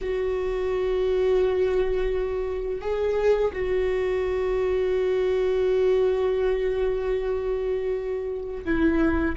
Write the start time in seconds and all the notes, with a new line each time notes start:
0.01 F#4
2.81 G#4
3.52 F#4
8.65 E4